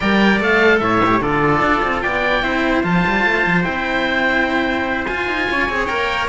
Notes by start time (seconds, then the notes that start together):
0.00 G3 A#4 D5 G5
0.40 A3 A4 F5
0.79 A2 C#5 E5
1.05 G4
1.20 D3 F4 A4 D5
1.61 D4
1.82 C4
2.01 B3 D5 G5
2.42 C4 E4 C5
2.83 F3 F4 A5
3.07 G3
3.25 A3
3.46 F3
3.64 C4 E4 G5
5.06 F4 G#5
5.27 D#4
5.50 C#4 C#5
5.68 C4 G#4
5.86 A#3 A#4 G5